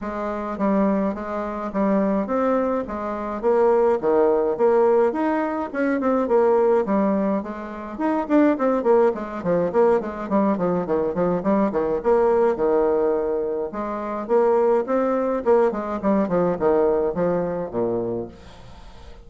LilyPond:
\new Staff \with { instrumentName = "bassoon" } { \time 4/4 \tempo 4 = 105 gis4 g4 gis4 g4 | c'4 gis4 ais4 dis4 | ais4 dis'4 cis'8 c'8 ais4 | g4 gis4 dis'8 d'8 c'8 ais8 |
gis8 f8 ais8 gis8 g8 f8 dis8 f8 | g8 dis8 ais4 dis2 | gis4 ais4 c'4 ais8 gis8 | g8 f8 dis4 f4 ais,4 | }